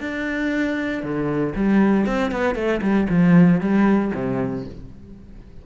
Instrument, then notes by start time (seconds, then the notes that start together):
cello
0.00 D4
1.03 D3
1.55 G3
2.06 C4
2.31 B3
2.55 A3
2.82 G3
3.09 F3
3.60 G3
4.14 C3